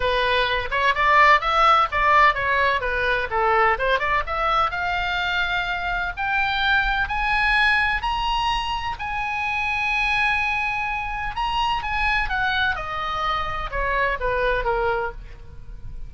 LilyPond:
\new Staff \with { instrumentName = "oboe" } { \time 4/4 \tempo 4 = 127 b'4. cis''8 d''4 e''4 | d''4 cis''4 b'4 a'4 | c''8 d''8 e''4 f''2~ | f''4 g''2 gis''4~ |
gis''4 ais''2 gis''4~ | gis''1 | ais''4 gis''4 fis''4 dis''4~ | dis''4 cis''4 b'4 ais'4 | }